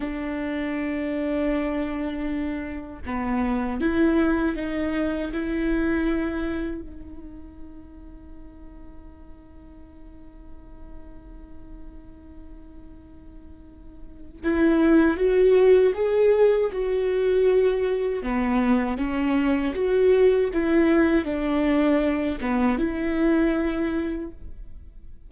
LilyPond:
\new Staff \with { instrumentName = "viola" } { \time 4/4 \tempo 4 = 79 d'1 | b4 e'4 dis'4 e'4~ | e'4 dis'2.~ | dis'1~ |
dis'2. e'4 | fis'4 gis'4 fis'2 | b4 cis'4 fis'4 e'4 | d'4. b8 e'2 | }